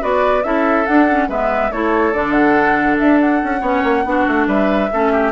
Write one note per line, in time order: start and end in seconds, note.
0.00 0.43 B3
0.00 0.43 F#4
0.00 0.43 B4
0.00 0.43 D5
0.43 0.86 C#4
0.43 0.86 E4
0.43 1.29 A4
0.43 0.86 E5
0.86 1.08 D4
0.86 1.28 D4
0.86 1.28 F#5
1.08 1.29 C#4
1.28 1.70 G#3
1.28 1.71 B3
1.28 1.71 B4
1.28 1.71 E5
1.71 2.13 A3
1.71 2.13 E4
1.71 3.60 A4
1.71 2.13 C#5
2.13 2.99 D3
2.13 3.62 D4
2.13 2.31 D5
2.31 2.95 F#5
2.98 3.42 D4
2.98 3.20 E5
3.20 4.48 F#5
3.43 3.61 C#4
3.60 3.82 B3
3.60 4.05 C#4
3.60 4.03 C#5
3.83 4.04 A#3
4.04 4.26 B3
4.04 4.90 D4
4.04 4.47 F#4
4.27 4.46 A3
4.46 4.89 G3
4.46 4.90 B4
4.46 5.31 E5
4.92 5.31 A3
4.92 5.31 C#4
4.92 5.12 A4
5.12 5.31 G4